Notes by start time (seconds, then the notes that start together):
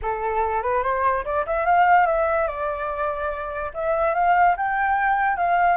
0.02 A4
0.62 B4
0.83 C5
1.25 D5
1.46 E5
1.65 F5
2.06 E5
2.47 D5
3.74 E5
4.14 F5
4.56 G5
5.36 F5